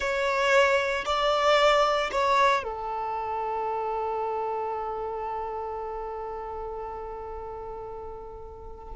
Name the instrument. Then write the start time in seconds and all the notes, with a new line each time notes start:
violin
0.00 C#5
1.05 D5
2.11 C#5
2.63 A4